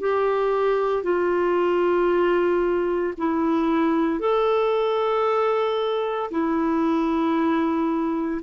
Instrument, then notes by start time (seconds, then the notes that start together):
clarinet
0.00 G4
1.03 F4
3.17 E4
4.19 A4
6.30 E4